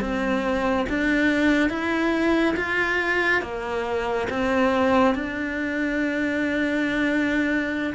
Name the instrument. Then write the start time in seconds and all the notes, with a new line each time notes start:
cello
0.00 C4
0.89 D4
1.69 E4
2.56 F4
3.41 A#3
4.29 C4
5.14 D4